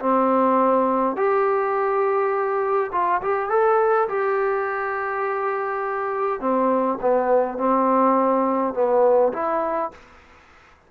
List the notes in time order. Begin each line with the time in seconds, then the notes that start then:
0.00 C4
1.17 G4
2.92 F4
3.22 G4
3.50 A4
4.09 G4
6.41 C4
7.01 B3
7.58 C4
8.74 B3
9.33 E4